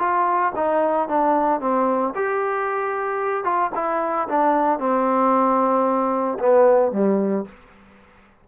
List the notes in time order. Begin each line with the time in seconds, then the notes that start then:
0.00 F4
0.56 D#4
1.09 D4
1.61 C4
2.16 G4
3.44 F4
3.75 E4
4.29 D4
4.80 C4
6.40 B3
6.93 G3